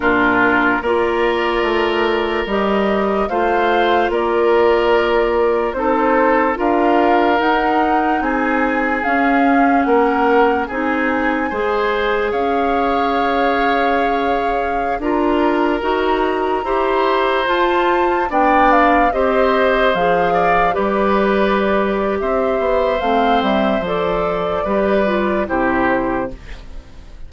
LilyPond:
<<
  \new Staff \with { instrumentName = "flute" } { \time 4/4 \tempo 4 = 73 ais'4 d''2 dis''4 | f''4 d''2 c''4 | f''4 fis''4 gis''4 f''4 | fis''4 gis''2 f''4~ |
f''2~ f''16 ais''4.~ ais''16~ | ais''4~ ais''16 a''4 g''8 f''8 dis''8.~ | dis''16 f''4 d''4.~ d''16 e''4 | f''8 e''8 d''2 c''4 | }
  \new Staff \with { instrumentName = "oboe" } { \time 4/4 f'4 ais'2. | c''4 ais'2 a'4 | ais'2 gis'2 | ais'4 gis'4 c''4 cis''4~ |
cis''2~ cis''16 ais'4.~ ais'16~ | ais'16 c''2 d''4 c''8.~ | c''8. d''8 b'4.~ b'16 c''4~ | c''2 b'4 g'4 | }
  \new Staff \with { instrumentName = "clarinet" } { \time 4/4 d'4 f'2 g'4 | f'2. dis'4 | f'4 dis'2 cis'4~ | cis'4 dis'4 gis'2~ |
gis'2~ gis'16 f'4 fis'8.~ | fis'16 g'4 f'4 d'4 g'8.~ | g'16 gis'4 g'2~ g'8. | c'4 a'4 g'8 f'8 e'4 | }
  \new Staff \with { instrumentName = "bassoon" } { \time 4/4 ais,4 ais4 a4 g4 | a4 ais2 c'4 | d'4 dis'4 c'4 cis'4 | ais4 c'4 gis4 cis'4~ |
cis'2~ cis'16 d'4 dis'8.~ | dis'16 e'4 f'4 b4 c'8.~ | c'16 f4 g4.~ g16 c'8 b8 | a8 g8 f4 g4 c4 | }
>>